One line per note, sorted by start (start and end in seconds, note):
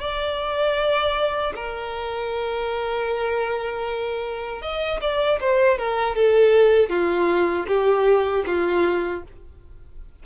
0.00 1.54 D5
1.56 4.62 A#4
4.62 5.00 D#5
5.01 5.40 D5
5.41 5.78 C5
5.78 6.15 A#4
6.15 6.90 A4
6.90 7.66 F4
7.67 8.44 G4
8.46 9.23 F4